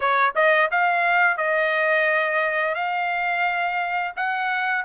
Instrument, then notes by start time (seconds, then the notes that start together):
trumpet
0.00 C#5
0.34 D#5
0.71 F5
1.37 D#5
2.74 F5
4.16 F#5